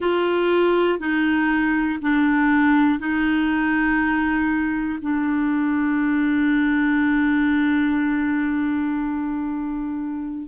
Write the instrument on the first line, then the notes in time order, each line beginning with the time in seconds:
clarinet
0.00 F4
0.99 D#4
2.01 D4
2.99 D#4
5.01 D4